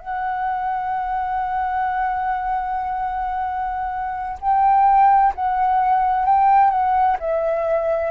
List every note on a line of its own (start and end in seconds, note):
0.00 4.38 F#5
4.41 5.33 G5
5.35 6.26 F#5
6.26 6.71 G5
6.71 7.17 F#5
7.20 8.11 E5